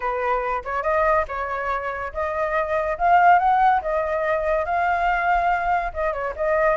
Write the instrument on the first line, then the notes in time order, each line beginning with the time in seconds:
flute
0.00 B4
0.64 C#5
0.82 D#5
1.28 C#5
2.13 D#5
2.98 F5
3.38 F#5
3.81 D#5
4.65 F5
5.93 D#5
6.12 C#5
6.36 D#5